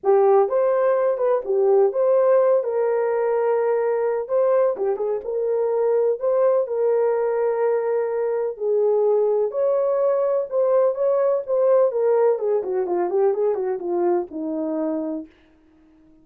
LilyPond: \new Staff \with { instrumentName = "horn" } { \time 4/4 \tempo 4 = 126 g'4 c''4. b'8 g'4 | c''4. ais'2~ ais'8~ | ais'4 c''4 g'8 gis'8 ais'4~ | ais'4 c''4 ais'2~ |
ais'2 gis'2 | cis''2 c''4 cis''4 | c''4 ais'4 gis'8 fis'8 f'8 g'8 | gis'8 fis'8 f'4 dis'2 | }